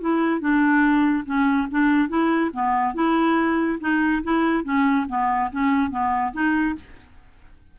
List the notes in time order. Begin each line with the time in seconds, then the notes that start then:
0.00 E4
0.40 D4
1.25 C#4
1.71 D4
2.08 E4
2.53 B3
2.94 E4
3.80 D#4
4.23 E4
4.64 C#4
5.08 B3
5.52 C#4
5.90 B3
6.33 D#4